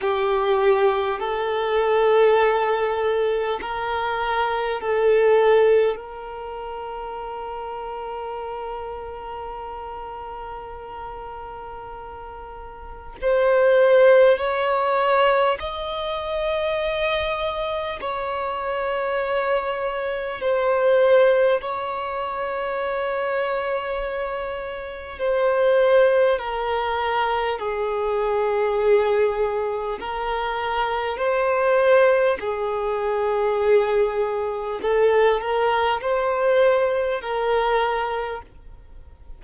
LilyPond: \new Staff \with { instrumentName = "violin" } { \time 4/4 \tempo 4 = 50 g'4 a'2 ais'4 | a'4 ais'2.~ | ais'2. c''4 | cis''4 dis''2 cis''4~ |
cis''4 c''4 cis''2~ | cis''4 c''4 ais'4 gis'4~ | gis'4 ais'4 c''4 gis'4~ | gis'4 a'8 ais'8 c''4 ais'4 | }